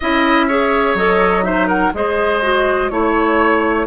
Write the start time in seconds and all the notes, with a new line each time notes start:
0.00 C#4 E4 D#5 E5
0.48 G#4 C#5
0.94 F#3 A4 D#5
1.43 D#4 C5 E5
1.67 A#4 F#5
1.93 G#3 G#4 C5 D#5
2.42 F#4
2.89 A3 E4 C#5